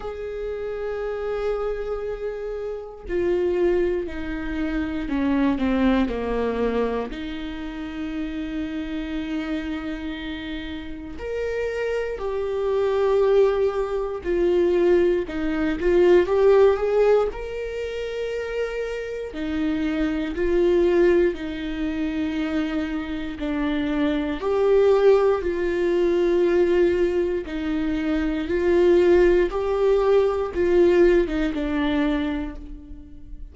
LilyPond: \new Staff \with { instrumentName = "viola" } { \time 4/4 \tempo 4 = 59 gis'2. f'4 | dis'4 cis'8 c'8 ais4 dis'4~ | dis'2. ais'4 | g'2 f'4 dis'8 f'8 |
g'8 gis'8 ais'2 dis'4 | f'4 dis'2 d'4 | g'4 f'2 dis'4 | f'4 g'4 f'8. dis'16 d'4 | }